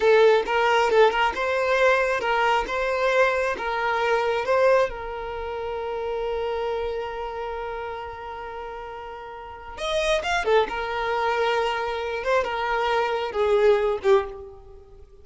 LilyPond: \new Staff \with { instrumentName = "violin" } { \time 4/4 \tempo 4 = 135 a'4 ais'4 a'8 ais'8 c''4~ | c''4 ais'4 c''2 | ais'2 c''4 ais'4~ | ais'1~ |
ais'1~ | ais'2 dis''4 f''8 a'8 | ais'2.~ ais'8 c''8 | ais'2 gis'4. g'8 | }